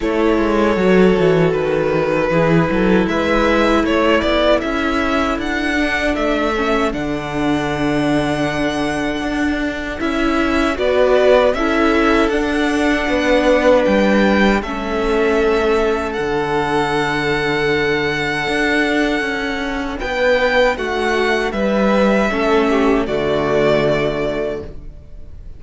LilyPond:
<<
  \new Staff \with { instrumentName = "violin" } { \time 4/4 \tempo 4 = 78 cis''2 b'2 | e''4 cis''8 d''8 e''4 fis''4 | e''4 fis''2.~ | fis''4 e''4 d''4 e''4 |
fis''2 g''4 e''4~ | e''4 fis''2.~ | fis''2 g''4 fis''4 | e''2 d''2 | }
  \new Staff \with { instrumentName = "violin" } { \time 4/4 a'2. gis'8 a'8 | b'4 a'2.~ | a'1~ | a'2 b'4 a'4~ |
a'4 b'2 a'4~ | a'1~ | a'2 b'4 fis'4 | b'4 a'8 g'8 fis'2 | }
  \new Staff \with { instrumentName = "viola" } { \time 4/4 e'4 fis'2 e'4~ | e'2.~ e'8 d'8~ | d'8 cis'8 d'2.~ | d'4 e'4 fis'4 e'4 |
d'2. cis'4~ | cis'4 d'2.~ | d'1~ | d'4 cis'4 a2 | }
  \new Staff \with { instrumentName = "cello" } { \time 4/4 a8 gis8 fis8 e8 dis4 e8 fis8 | gis4 a8 b8 cis'4 d'4 | a4 d2. | d'4 cis'4 b4 cis'4 |
d'4 b4 g4 a4~ | a4 d2. | d'4 cis'4 b4 a4 | g4 a4 d2 | }
>>